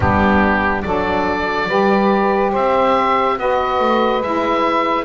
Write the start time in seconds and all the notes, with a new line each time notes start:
0.00 G3 B3 D4 G4
0.82 F#3 D4 A4 D5
1.67 G3 G4 B4
2.51 C4 C5 E5
3.37 B3 F#4 B4 D#5
3.79 A3
4.21 G#3 E4 E5